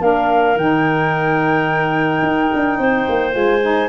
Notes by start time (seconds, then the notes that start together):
0.00 A#3 D4 A#4 F5
0.56 D#3 D#4 G5
2.22 D#4
2.53 D4
2.78 C4 C5
3.08 A#3
3.31 G#3 F4 G#5
3.61 D#4